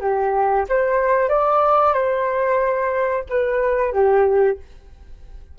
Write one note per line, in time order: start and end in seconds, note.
0.00 0.65 G4
0.69 1.29 C5
1.29 1.93 D5
1.93 3.24 C5
3.29 3.92 B4
3.92 4.57 G4